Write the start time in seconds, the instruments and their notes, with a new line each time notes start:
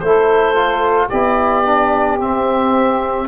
0.00 tuba A3, trombone E4, saxophone A4, oboe C5
0.56 trombone F4
1.08 tuba B3, trombone E4, saxophone G4, oboe D5
1.65 trombone D4
2.20 trombone C4, tuba C4, oboe E5